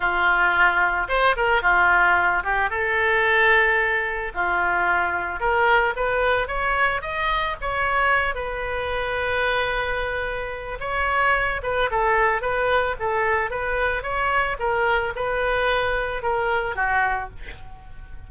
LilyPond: \new Staff \with { instrumentName = "oboe" } { \time 4/4 \tempo 4 = 111 f'2 c''8 ais'8 f'4~ | f'8 g'8 a'2. | f'2 ais'4 b'4 | cis''4 dis''4 cis''4. b'8~ |
b'1 | cis''4. b'8 a'4 b'4 | a'4 b'4 cis''4 ais'4 | b'2 ais'4 fis'4 | }